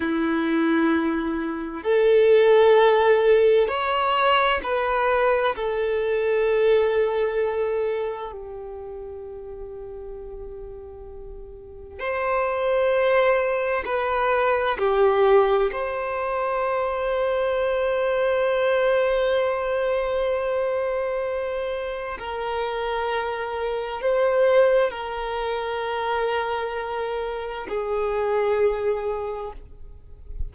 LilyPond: \new Staff \with { instrumentName = "violin" } { \time 4/4 \tempo 4 = 65 e'2 a'2 | cis''4 b'4 a'2~ | a'4 g'2.~ | g'4 c''2 b'4 |
g'4 c''2.~ | c''1 | ais'2 c''4 ais'4~ | ais'2 gis'2 | }